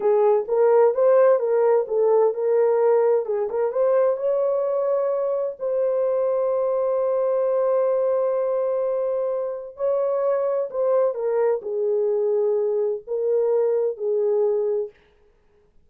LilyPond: \new Staff \with { instrumentName = "horn" } { \time 4/4 \tempo 4 = 129 gis'4 ais'4 c''4 ais'4 | a'4 ais'2 gis'8 ais'8 | c''4 cis''2. | c''1~ |
c''1~ | c''4 cis''2 c''4 | ais'4 gis'2. | ais'2 gis'2 | }